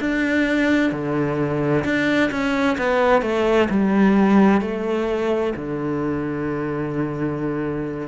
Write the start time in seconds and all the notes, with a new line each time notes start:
0.00 D4
0.92 D3
1.85 D4
2.31 C#4
2.78 B3
3.22 A3
3.70 G3
4.62 A3
5.56 D3